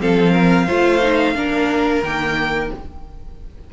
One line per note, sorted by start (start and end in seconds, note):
0.00 0.68 F3
0.00 0.67 C4
0.00 0.33 A4
0.00 2.04 F5
0.33 0.66 A#4
0.67 1.35 A3
0.67 1.02 F4
0.67 1.34 C5
1.03 1.36 D#4
1.35 2.03 A#3
1.35 2.03 D4
1.35 2.73 A#4
2.03 2.70 D#3
2.03 2.73 A#3
2.03 2.71 G5